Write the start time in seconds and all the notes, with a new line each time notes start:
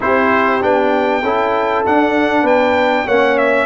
0.00 C4 E4 G4 C5
0.61 B3 D4 G5
1.23 C#4 E4 A4
1.85 D4 F#5
2.42 B3 B4 G5
3.05 A#3 C#4 C#5 F#5
3.38 E5